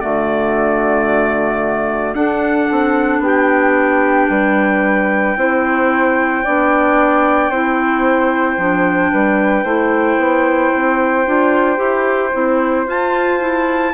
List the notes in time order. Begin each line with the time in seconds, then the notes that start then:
0.00 D3 A3 F#4 D5
2.14 D4 A4 F#5
2.71 C4
3.19 B3 G4
3.26 G5
4.29 G3 B4
5.36 C4 E4 C5
6.43 B3 D4 D5
7.49 C4 E4 C5
8.57 F3 D4
9.11 G3 B4
9.63 A3 E4 C5
10.17 B3
10.75 C4
11.26 D4 F4
11.76 E4 G4
12.32 C4 E4
12.86 F4 A5
13.39 E4